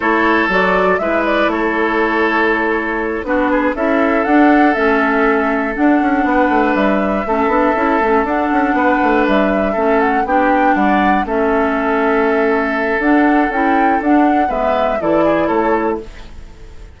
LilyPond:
<<
  \new Staff \with { instrumentName = "flute" } { \time 4/4 \tempo 4 = 120 cis''4 d''4 e''8 d''8 cis''4~ | cis''2~ cis''8 b'4 e''8~ | e''8 fis''4 e''2 fis''8~ | fis''4. e''2~ e''8~ |
e''8 fis''2 e''4. | fis''8 g''4 fis''4 e''4.~ | e''2 fis''4 g''4 | fis''4 e''4 d''4 cis''4 | }
  \new Staff \with { instrumentName = "oboe" } { \time 4/4 a'2 b'4 a'4~ | a'2~ a'8 fis'8 gis'8 a'8~ | a'1~ | a'8 b'2 a'4.~ |
a'4. b'2 a'8~ | a'8 g'4 d''4 a'4.~ | a'1~ | a'4 b'4 a'8 gis'8 a'4 | }
  \new Staff \with { instrumentName = "clarinet" } { \time 4/4 e'4 fis'4 e'2~ | e'2~ e'8 d'4 e'8~ | e'8 d'4 cis'2 d'8~ | d'2~ d'8 cis'8 d'8 e'8 |
cis'8 d'2. cis'8~ | cis'8 d'2 cis'4.~ | cis'2 d'4 e'4 | d'4 b4 e'2 | }
  \new Staff \with { instrumentName = "bassoon" } { \time 4/4 a4 fis4 gis4 a4~ | a2~ a8 b4 cis'8~ | cis'8 d'4 a2 d'8 | cis'8 b8 a8 g4 a8 b8 cis'8 |
a8 d'8 cis'8 b8 a8 g4 a8~ | a8 b4 g4 a4.~ | a2 d'4 cis'4 | d'4 gis4 e4 a4 | }
>>